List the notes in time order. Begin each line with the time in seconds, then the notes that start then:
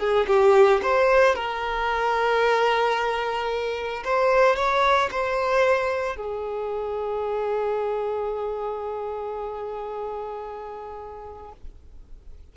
0.00 G#4
0.28 G4
0.83 C5
1.36 A#4
4.05 C5
4.56 C#5
5.11 C5
6.17 G#4